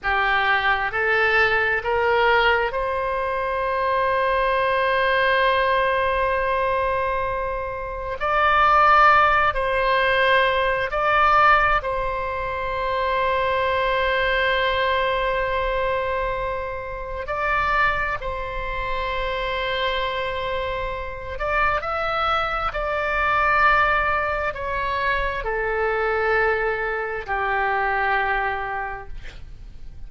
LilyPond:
\new Staff \with { instrumentName = "oboe" } { \time 4/4 \tempo 4 = 66 g'4 a'4 ais'4 c''4~ | c''1~ | c''4 d''4. c''4. | d''4 c''2.~ |
c''2. d''4 | c''2.~ c''8 d''8 | e''4 d''2 cis''4 | a'2 g'2 | }